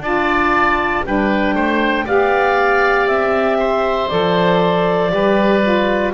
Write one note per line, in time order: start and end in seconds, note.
0.00 1.02 D4
0.00 1.04 F4
0.00 1.04 D5
0.00 1.04 A5
1.05 1.54 G3
1.05 2.07 D4
1.05 1.55 B4
1.05 2.07 G5
1.54 2.05 A3
1.54 2.05 C5
2.05 3.05 B3
2.05 4.09 G4
2.05 3.57 D5
2.05 3.07 F5
3.05 4.07 C4
3.05 4.08 E5
3.59 5.11 C5
4.08 5.12 F3
4.08 5.10 A4
4.08 6.12 D5
5.10 6.13 G3
5.10 5.61 G4
5.10 6.13 B4
5.63 6.13 F4